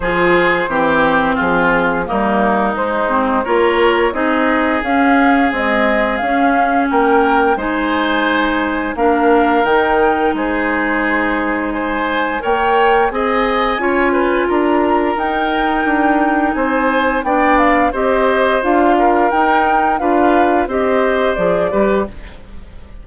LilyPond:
<<
  \new Staff \with { instrumentName = "flute" } { \time 4/4 \tempo 4 = 87 c''2 gis'4 ais'4 | c''4 cis''4 dis''4 f''4 | dis''4 f''4 g''4 gis''4~ | gis''4 f''4 g''4 c''4~ |
c''4 gis''4 g''4 gis''4~ | gis''4 ais''4 g''2 | gis''4 g''8 f''8 dis''4 f''4 | g''4 f''4 dis''4 d''4 | }
  \new Staff \with { instrumentName = "oboe" } { \time 4/4 gis'4 g'4 f'4 dis'4~ | dis'4 ais'4 gis'2~ | gis'2 ais'4 c''4~ | c''4 ais'2 gis'4~ |
gis'4 c''4 cis''4 dis''4 | cis''8 b'8 ais'2. | c''4 d''4 c''4. ais'8~ | ais'4 b'4 c''4. b'8 | }
  \new Staff \with { instrumentName = "clarinet" } { \time 4/4 f'4 c'2 ais4 | gis8 c'8 f'4 dis'4 cis'4 | gis4 cis'2 dis'4~ | dis'4 d'4 dis'2~ |
dis'2 ais'4 gis'4 | f'2 dis'2~ | dis'4 d'4 g'4 f'4 | dis'4 f'4 g'4 gis'8 g'8 | }
  \new Staff \with { instrumentName = "bassoon" } { \time 4/4 f4 e4 f4 g4 | gis4 ais4 c'4 cis'4 | c'4 cis'4 ais4 gis4~ | gis4 ais4 dis4 gis4~ |
gis2 ais4 c'4 | cis'4 d'4 dis'4 d'4 | c'4 b4 c'4 d'4 | dis'4 d'4 c'4 f8 g8 | }
>>